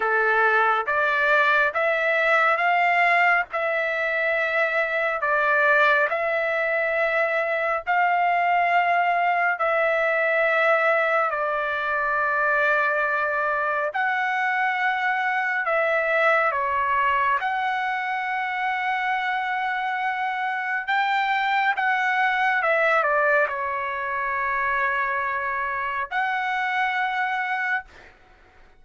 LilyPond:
\new Staff \with { instrumentName = "trumpet" } { \time 4/4 \tempo 4 = 69 a'4 d''4 e''4 f''4 | e''2 d''4 e''4~ | e''4 f''2 e''4~ | e''4 d''2. |
fis''2 e''4 cis''4 | fis''1 | g''4 fis''4 e''8 d''8 cis''4~ | cis''2 fis''2 | }